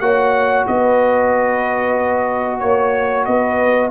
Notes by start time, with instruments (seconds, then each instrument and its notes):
0.00 tuba A#3, trombone F#4, horn C#5, trumpet F#5
0.67 tuba B3, horn B4, trumpet D#5
2.59 tuba A#3, trumpet C#5, horn C#5
3.25 tuba B3, horn B4, trumpet D#5